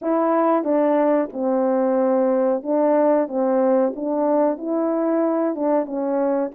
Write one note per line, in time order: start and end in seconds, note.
0.01 0.64 E4
0.64 1.29 D4
1.33 2.62 C4
2.62 3.28 D4
3.28 3.93 C4
3.95 4.57 D4
4.57 5.55 E4
5.55 5.85 D4
5.85 6.50 C#4